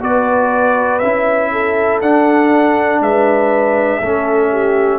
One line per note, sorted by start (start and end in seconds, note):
0.00 1.02 B3
0.00 1.00 F#4
0.00 1.51 B4
0.00 0.99 D5
0.99 2.01 C#4
0.99 2.01 E4
0.99 1.99 E5
1.51 3.01 A4
2.01 3.00 D4
2.01 4.01 D4
2.01 3.01 F#5
3.00 4.00 G#3
3.00 4.00 B4
3.00 4.99 E5
4.00 4.99 A3
4.00 4.99 C#4
4.00 4.50 A4
4.51 4.99 G4